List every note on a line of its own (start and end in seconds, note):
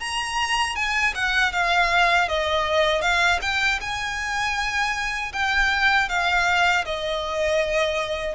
0.00 0.76 A#5
0.76 1.14 G#5
1.15 1.53 F#5
1.53 2.29 F5
2.29 3.02 D#5
3.02 3.40 F5
3.42 3.80 G5
3.81 5.33 G#5
5.33 6.09 G5
6.09 6.85 F5
6.85 8.35 D#5